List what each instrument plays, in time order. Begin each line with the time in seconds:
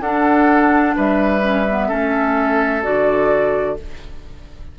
0.00 bassoon D4, clarinet D4, oboe A4, flute F#5
0.96 bassoon G3, oboe B4, flute E5
1.41 clarinet C#4
1.70 clarinet B3
1.88 bassoon A3, clarinet C#4, oboe A4
2.82 bassoon D3, clarinet F#4, flute D5